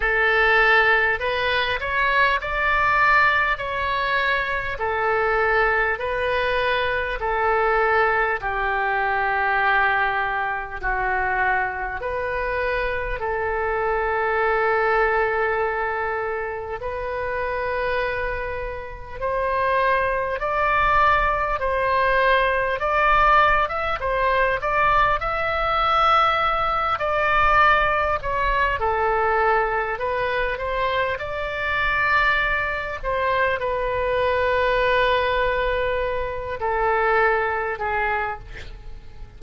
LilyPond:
\new Staff \with { instrumentName = "oboe" } { \time 4/4 \tempo 4 = 50 a'4 b'8 cis''8 d''4 cis''4 | a'4 b'4 a'4 g'4~ | g'4 fis'4 b'4 a'4~ | a'2 b'2 |
c''4 d''4 c''4 d''8. e''16 | c''8 d''8 e''4. d''4 cis''8 | a'4 b'8 c''8 d''4. c''8 | b'2~ b'8 a'4 gis'8 | }